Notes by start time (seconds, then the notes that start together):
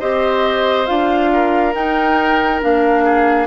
0.00 C4 G4 C5 D#5
0.87 D4 F4 F5
1.34 A#4
1.74 D#4 G5
2.61 A#3 D4 F5
3.05 G#4